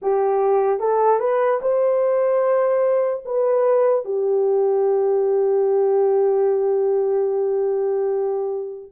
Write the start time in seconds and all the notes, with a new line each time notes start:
0.02 G4
0.79 A4
1.19 B4
1.61 C5
3.25 B4
4.05 G4